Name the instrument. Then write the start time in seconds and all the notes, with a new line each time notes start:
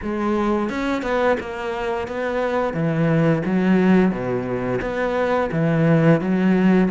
cello
0.02 G#3
0.69 C#4
1.02 B3
1.39 A#3
2.07 B3
2.73 E3
3.45 F#3
4.11 B2
4.81 B3
5.51 E3
6.20 F#3